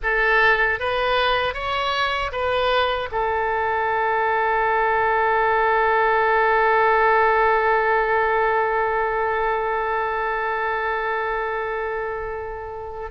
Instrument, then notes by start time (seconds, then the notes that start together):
oboe
0.02 A4
0.79 B4
1.54 C#5
2.32 B4
3.11 A4